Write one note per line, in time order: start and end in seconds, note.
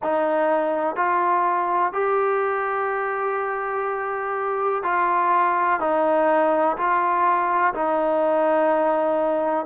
0.03 0.95 D#4
0.95 1.92 F4
1.92 4.83 G4
4.83 5.79 F4
5.80 6.77 D#4
6.77 7.73 F4
7.74 9.66 D#4